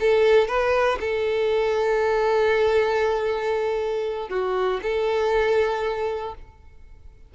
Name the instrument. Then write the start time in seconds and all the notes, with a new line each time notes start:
violin
0.00 A4
0.47 B4
1.00 A4
4.29 F#4
4.82 A4